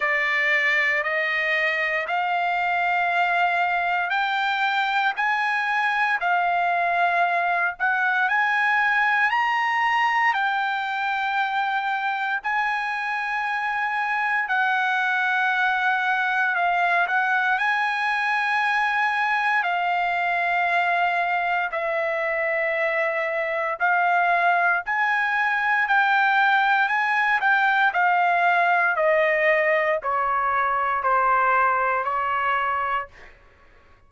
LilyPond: \new Staff \with { instrumentName = "trumpet" } { \time 4/4 \tempo 4 = 58 d''4 dis''4 f''2 | g''4 gis''4 f''4. fis''8 | gis''4 ais''4 g''2 | gis''2 fis''2 |
f''8 fis''8 gis''2 f''4~ | f''4 e''2 f''4 | gis''4 g''4 gis''8 g''8 f''4 | dis''4 cis''4 c''4 cis''4 | }